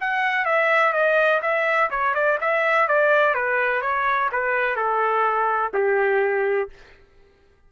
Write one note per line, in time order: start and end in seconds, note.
0.00 0.45 F#5
0.45 0.92 E5
0.92 1.40 D#5
1.42 1.90 E5
1.90 2.14 C#5
2.14 2.38 D5
2.40 2.88 E5
2.88 3.34 D5
3.34 3.81 B4
3.81 4.29 C#5
4.32 4.76 B4
4.76 5.72 A4
5.73 6.69 G4